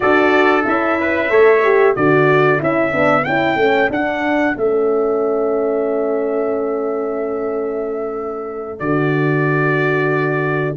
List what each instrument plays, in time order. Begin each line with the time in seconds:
0.00 tuba D4, horn F#4, trumpet A4 D5
0.63 tuba C#4, horn E4, trumpet E5
0.99 trumpet B4
1.29 tuba A3, horn A4, trumpet C#5
1.63 horn G4
1.95 tuba D3, horn F#4, trumpet A4 D5
2.58 tuba C#4, horn E4, trumpet E5
2.91 tuba B3, horn D4
3.24 tuba C#4, horn E4, trumpet G5
3.56 tuba A3, horn C#4
3.90 tuba D4, horn D4, trumpet F#5
4.56 tuba A3, horn C#4, trumpet E5
8.79 tuba D3, horn F#4, trumpet D5